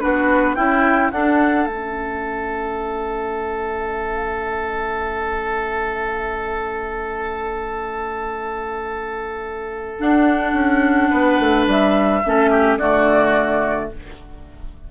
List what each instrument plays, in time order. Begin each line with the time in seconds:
0.00 bassoon B3, clarinet D4, oboe F#4, flute B4
0.55 bassoon C#4, clarinet E4, oboe E4, flute G5
1.11 bassoon D4, clarinet D4, oboe A4, flute F#5
1.66 bassoon A3, clarinet C#4, flute E5
9.99 clarinet D4, bassoon D4, flute F#5
10.53 bassoon C#4
11.09 bassoon B3, oboe B4
11.39 bassoon A3
11.66 bassoon G3, flute E5
12.25 bassoon A3, clarinet C#4, oboe A4
12.50 oboe G4
12.78 bassoon D3, clarinet A3, oboe F#4, flute D5